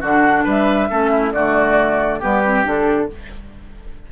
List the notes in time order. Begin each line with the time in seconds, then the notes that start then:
0.00 D3 D4 F#4 F#5
0.44 G3 B4 E5
0.90 A3 C#4 A4
1.10 E4
1.32 D3 A3 F#4 D5
2.19 G3 B3 G4 B4
2.44 C4
2.63 D3 D4 A4